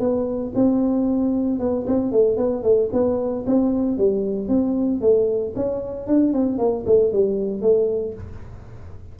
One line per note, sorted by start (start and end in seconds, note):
0.00 0.53 B3
0.55 1.60 C4
1.60 1.86 B3
1.87 2.12 C4
2.12 2.37 A3
2.37 2.63 B3
2.63 2.89 A3
2.93 3.45 B3
3.47 3.98 C4
3.98 4.48 G3
4.48 5.01 C4
5.01 5.54 A3
5.56 6.07 C#4
6.07 6.33 D4
6.33 6.58 C4
6.58 6.85 A#3
6.86 7.12 A3
7.13 7.62 G3
7.62 8.14 A3